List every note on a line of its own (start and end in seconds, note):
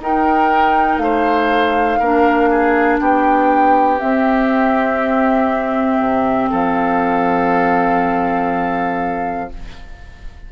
0.00 0.98 D#4
0.00 2.03 D#4
0.00 1.03 A#4
0.00 0.99 G5
0.98 1.98 A3
0.98 2.00 C5
0.98 2.99 F5
2.00 3.00 A#3
2.00 3.99 D4
2.00 2.50 A#4
2.51 3.01 G#4
3.00 4.00 B3
3.00 6.50 G4
3.00 4.00 G5
3.99 9.49 C4
3.99 6.00 C4
3.99 6.50 E5
6.00 6.50 C3
6.50 9.52 F3
6.50 9.50 A4
6.50 9.52 F5